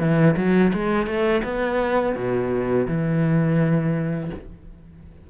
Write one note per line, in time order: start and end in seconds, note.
0.00 0.36 E3
0.37 0.73 F#3
0.74 1.07 G#3
1.07 1.43 A3
1.44 2.16 B3
2.16 2.87 B2
2.88 4.31 E3